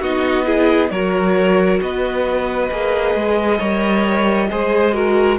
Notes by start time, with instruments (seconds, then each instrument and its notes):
0.00 cello B3, viola D#4, violin F#4 D#5
0.45 viola E4, violin G#4
0.90 cello F#3, viola F#4, violin A#4 C#5
1.81 cello B3, violin B4 D#5
2.71 cello A#3, viola G#4
3.15 cello G#3
3.58 cello G3, viola A#4, violin C#5
4.50 cello G#3, viola G#4, violin C5
4.93 viola F#4, violin A#4